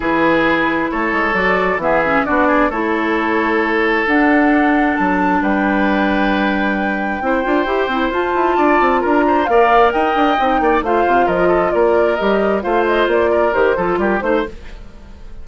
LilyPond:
<<
  \new Staff \with { instrumentName = "flute" } { \time 4/4 \tempo 4 = 133 b'2 cis''4 d''4 | e''4 d''4 cis''2~ | cis''4 fis''2 a''4 | g''1~ |
g''2 a''2 | ais''4 f''4 g''2 | f''4 dis''4 d''4 dis''4 | f''8 dis''8 d''4 c''4 ais'8 c''8 | }
  \new Staff \with { instrumentName = "oboe" } { \time 4/4 gis'2 a'2 | gis'4 fis'8 gis'8 a'2~ | a'1 | b'1 |
c''2. d''4 | ais'8 c''8 d''4 dis''4. d''8 | c''4 ais'8 a'8 ais'2 | c''4. ais'4 a'8 g'8 c''8 | }
  \new Staff \with { instrumentName = "clarinet" } { \time 4/4 e'2. fis'4 | b8 cis'8 d'4 e'2~ | e'4 d'2.~ | d'1 |
e'8 f'8 g'8 e'8 f'2~ | f'4 ais'2 dis'4 | f'2. g'4 | f'2 g'8 f'4 dis'8 | }
  \new Staff \with { instrumentName = "bassoon" } { \time 4/4 e2 a8 gis8 fis4 | e4 b4 a2~ | a4 d'2 fis4 | g1 |
c'8 d'8 e'8 c'8 f'8 e'8 d'8 c'8 | d'4 ais4 dis'8 d'8 c'8 ais8 | a8 c8 f4 ais4 g4 | a4 ais4 dis8 f8 g8 a8 | }
>>